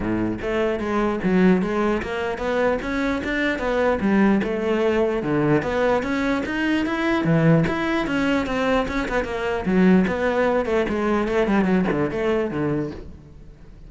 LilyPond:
\new Staff \with { instrumentName = "cello" } { \time 4/4 \tempo 4 = 149 a,4 a4 gis4 fis4 | gis4 ais4 b4 cis'4 | d'4 b4 g4 a4~ | a4 d4 b4 cis'4 |
dis'4 e'4 e4 e'4 | cis'4 c'4 cis'8 b8 ais4 | fis4 b4. a8 gis4 | a8 g8 fis8 d8 a4 d4 | }